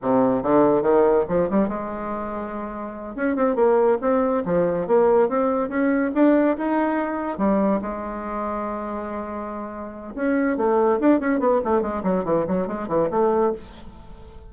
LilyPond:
\new Staff \with { instrumentName = "bassoon" } { \time 4/4 \tempo 4 = 142 c4 d4 dis4 f8 g8 | gis2.~ gis8 cis'8 | c'8 ais4 c'4 f4 ais8~ | ais8 c'4 cis'4 d'4 dis'8~ |
dis'4. g4 gis4.~ | gis1 | cis'4 a4 d'8 cis'8 b8 a8 | gis8 fis8 e8 fis8 gis8 e8 a4 | }